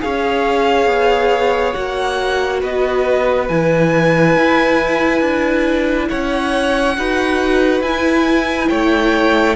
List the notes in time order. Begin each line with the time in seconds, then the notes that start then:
0.00 C#4 G#4 C#5 F5
0.86 B3
1.73 A#3 F#4 F#5
2.60 B3 B4 D#5
3.48 E3 E4 G#5
4.36 E4
5.21 D4
6.09 C#4 C#5 F#5
6.97 D#4 F#4 B4
7.81 E4 G#5
8.69 A3 C#5 G5